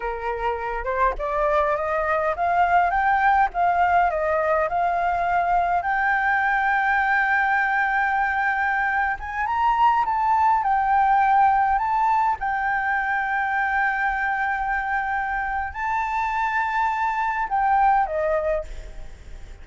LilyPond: \new Staff \with { instrumentName = "flute" } { \time 4/4 \tempo 4 = 103 ais'4. c''8 d''4 dis''4 | f''4 g''4 f''4 dis''4 | f''2 g''2~ | g''2.~ g''8. gis''16~ |
gis''16 ais''4 a''4 g''4.~ g''16~ | g''16 a''4 g''2~ g''8.~ | g''2. a''4~ | a''2 g''4 dis''4 | }